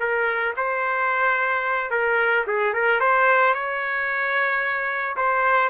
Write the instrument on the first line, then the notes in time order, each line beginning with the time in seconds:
trumpet
0.00 A#4
0.57 C5
1.91 A#4
2.47 G#4
2.74 A#4
3.00 C5
3.54 C#5
5.17 C5